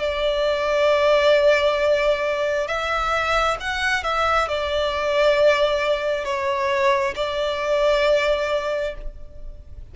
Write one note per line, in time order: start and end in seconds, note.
0.00 2.68 D5
2.68 3.57 E5
3.61 4.04 F#5
4.04 4.49 E5
4.49 6.25 D5
6.25 7.14 C#5
7.16 8.95 D5